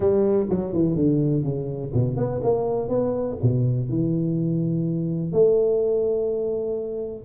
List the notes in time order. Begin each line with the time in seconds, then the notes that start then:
0.00 G3
0.49 F#3
0.73 E3
0.95 D3
1.43 C#3
1.93 B2
2.16 B3
2.43 A#3
2.88 B3
3.42 B2
3.89 E3
5.32 A3